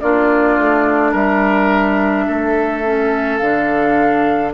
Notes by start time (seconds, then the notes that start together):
0.00 A#3 D4 F4 D5
0.58 A3
1.11 G3 A#4 E5
2.27 A3 A4
2.84 C#4
3.37 D3 D4 F5